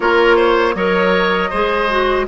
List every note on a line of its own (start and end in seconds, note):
0.00 0.74 A#3
0.00 0.75 F4
0.00 0.36 A#4
0.00 0.75 C#5
0.36 0.74 C5
0.74 1.50 F#3
0.74 1.52 A#4
0.74 1.50 C#5
0.74 2.27 D#5
1.50 2.27 G#3
1.50 1.89 G#4
1.50 2.25 C5
1.89 2.27 F#4